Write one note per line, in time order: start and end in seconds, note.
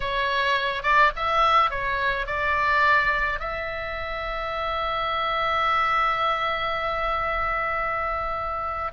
0.00 0.82 C#5
0.82 1.11 D5
1.16 1.70 E5
1.70 2.26 C#5
2.26 3.39 D5
3.39 8.91 E5